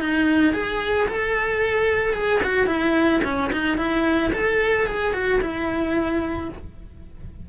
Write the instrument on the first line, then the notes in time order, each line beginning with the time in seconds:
cello
0.00 D#4
0.53 G#4
1.08 A4
2.14 G#4
2.43 F#4
2.67 E4
3.24 C#4
3.52 D#4
3.77 E4
4.33 A4
4.87 G#4
5.13 F#4
5.41 E4